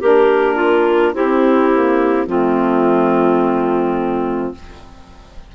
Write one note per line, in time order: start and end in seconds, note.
0.00 1.13 A#3
0.00 1.14 D4
0.00 0.55 G4
0.00 1.15 A#4
0.55 1.12 F4
1.13 2.26 C4
1.13 1.71 C4
1.13 2.27 E4
1.13 2.28 G4
1.71 2.26 A#3
2.26 4.53 F3
2.26 4.52 A3
2.26 4.54 C4
2.26 4.54 F4